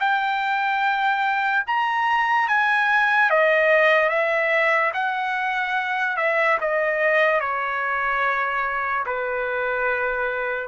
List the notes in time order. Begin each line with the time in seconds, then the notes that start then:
0.00 G5
1.67 A#5
2.48 G#5
3.30 D#5
4.09 E5
4.94 F#5
6.17 E5
6.61 D#5
7.40 C#5
9.06 B4